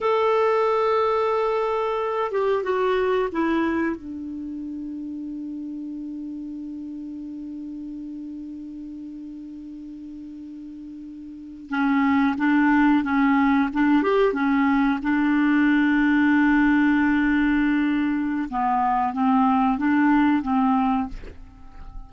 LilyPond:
\new Staff \with { instrumentName = "clarinet" } { \time 4/4 \tempo 4 = 91 a'2.~ a'8 g'8 | fis'4 e'4 d'2~ | d'1~ | d'1~ |
d'4.~ d'16 cis'4 d'4 cis'16~ | cis'8. d'8 g'8 cis'4 d'4~ d'16~ | d'1 | b4 c'4 d'4 c'4 | }